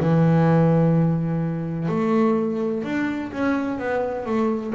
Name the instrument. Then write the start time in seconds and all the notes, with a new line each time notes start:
double bass
0.00 E3
1.89 A3
2.84 D4
3.32 C#4
3.79 B3
4.26 A3